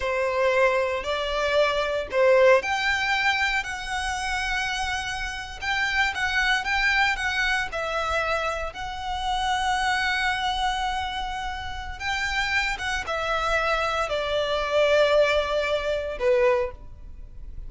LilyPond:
\new Staff \with { instrumentName = "violin" } { \time 4/4 \tempo 4 = 115 c''2 d''2 | c''4 g''2 fis''4~ | fis''2~ fis''8. g''4 fis''16~ | fis''8. g''4 fis''4 e''4~ e''16~ |
e''8. fis''2.~ fis''16~ | fis''2. g''4~ | g''8 fis''8 e''2 d''4~ | d''2. b'4 | }